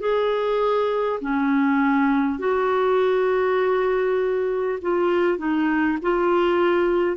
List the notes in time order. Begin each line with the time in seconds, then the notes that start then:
0.00 G#4
1.21 C#4
2.39 F#4
4.82 F4
5.38 D#4
6.02 F4